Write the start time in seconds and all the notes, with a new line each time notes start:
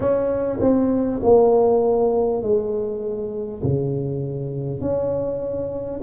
0.00 C#4
0.60 C4
1.22 A#3
2.42 G#3
3.63 C#3
4.81 C#4